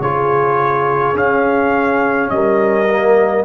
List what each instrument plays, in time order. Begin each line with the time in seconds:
0.00 tuba C#3, trombone F4, horn G#4, trumpet C#5
1.15 tuba C#4, trombone C#4, trumpet F5
2.30 tuba G3, horn A#4, trumpet D#5
2.89 trombone A#3